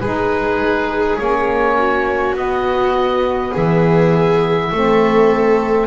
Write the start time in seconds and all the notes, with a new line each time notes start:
0.00 G#3 D#4 G#4 B4
1.19 A#3 C#4 C#5
1.78 F#4
2.34 B3 D#5
3.52 E3 G#4 E5
4.72 A3 C4 A4